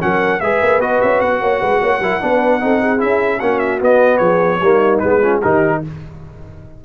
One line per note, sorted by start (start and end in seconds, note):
0.00 0.41 F#3
0.00 0.40 C#4
0.00 0.42 A#4
0.00 0.40 F#5
0.40 0.61 G#3
0.40 0.81 G#4
0.40 1.41 B4
0.40 0.80 E5
0.62 0.79 A#3
0.79 0.99 B3
0.79 2.01 F#4
0.79 1.01 D#5
1.01 1.21 C#4
1.01 1.21 E5
1.21 1.41 B3
1.21 3.01 F#5
1.41 1.61 A#3
1.41 1.61 C#5
1.61 1.82 G#3
1.61 1.81 B4
1.81 2.00 A#3
1.81 2.01 C#5
2.00 2.20 F#3
2.00 2.21 E4
2.00 2.22 A#4
2.21 2.62 B3
2.21 2.61 D4
2.21 2.63 B4
2.61 3.02 C4
2.61 2.98 D#4
2.61 2.81 A4
2.81 3.41 G#4
2.98 3.41 C#4
2.98 3.38 E4
2.98 3.40 E5
3.40 3.81 A#3
3.40 3.81 C#4
3.40 4.19 F#4
3.40 3.59 F#5
3.59 3.79 E5
3.81 4.61 B3
3.81 4.20 B3
3.81 4.18 D#5
4.18 4.60 F3
4.18 4.59 G#4
4.18 4.98 C#5
4.61 5.01 G3
4.61 5.03 A#3
4.61 5.22 D#4
4.99 5.44 G#3
4.99 5.22 B3
4.99 5.39 B4
5.22 5.42 C#4
5.22 5.40 F4
5.40 5.85 D#3
5.40 5.84 D#4
5.40 5.80 G4
5.40 5.82 A#4